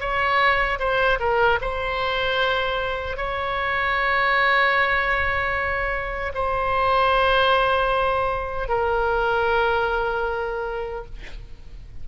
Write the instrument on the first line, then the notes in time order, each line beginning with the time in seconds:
oboe
0.00 C#5
0.79 C5
1.19 A#4
1.61 C5
3.17 C#5
6.34 C5
8.68 A#4